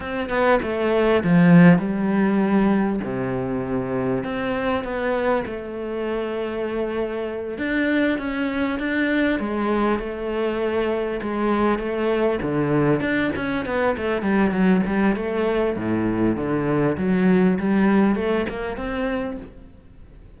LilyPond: \new Staff \with { instrumentName = "cello" } { \time 4/4 \tempo 4 = 99 c'8 b8 a4 f4 g4~ | g4 c2 c'4 | b4 a2.~ | a8 d'4 cis'4 d'4 gis8~ |
gis8 a2 gis4 a8~ | a8 d4 d'8 cis'8 b8 a8 g8 | fis8 g8 a4 a,4 d4 | fis4 g4 a8 ais8 c'4 | }